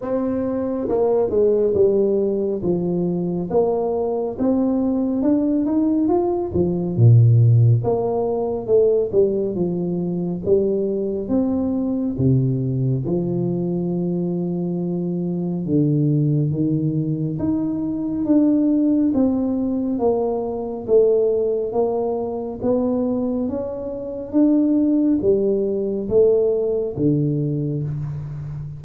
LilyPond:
\new Staff \with { instrumentName = "tuba" } { \time 4/4 \tempo 4 = 69 c'4 ais8 gis8 g4 f4 | ais4 c'4 d'8 dis'8 f'8 f8 | ais,4 ais4 a8 g8 f4 | g4 c'4 c4 f4~ |
f2 d4 dis4 | dis'4 d'4 c'4 ais4 | a4 ais4 b4 cis'4 | d'4 g4 a4 d4 | }